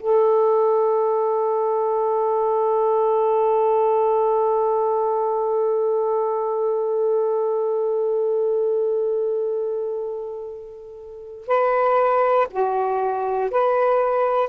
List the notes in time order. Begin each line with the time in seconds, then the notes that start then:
0.00 A4
11.47 B4
12.51 F#4
13.51 B4